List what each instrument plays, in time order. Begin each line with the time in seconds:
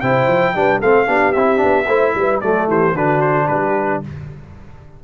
0.00 tuba C3, trombone E4, horn C5, trumpet G5
0.27 tuba F3
0.54 tuba G3, trombone D4, horn B4
0.79 tuba A3, trombone C4, horn A4, trumpet F5
1.06 tuba B3, trombone D4, horn G4
1.32 tuba C4, trombone E4, trumpet E5
1.57 trombone D4
1.63 tuba B3
1.87 tuba A3, trombone E4, horn C5
2.15 tuba G3, horn B4
2.40 tuba F#3, trombone A3, horn A4, trumpet D5
2.67 tuba E3, horn G4, trumpet C5
2.94 tuba D3, trombone D4, horn F#4, trumpet B4
3.20 trumpet C5
3.46 tuba G3, horn G4, trumpet B4